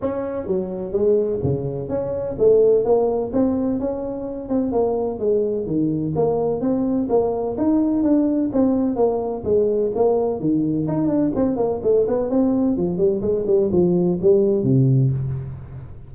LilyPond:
\new Staff \with { instrumentName = "tuba" } { \time 4/4 \tempo 4 = 127 cis'4 fis4 gis4 cis4 | cis'4 a4 ais4 c'4 | cis'4. c'8 ais4 gis4 | dis4 ais4 c'4 ais4 |
dis'4 d'4 c'4 ais4 | gis4 ais4 dis4 dis'8 d'8 | c'8 ais8 a8 b8 c'4 f8 g8 | gis8 g8 f4 g4 c4 | }